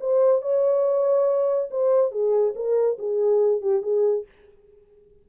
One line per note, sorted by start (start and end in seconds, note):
0.00 0.42 C5
0.42 1.69 C#5
1.70 2.11 C5
2.11 2.54 G#4
2.55 2.98 A#4
2.99 3.61 G#4
3.61 3.82 G4
3.82 4.25 G#4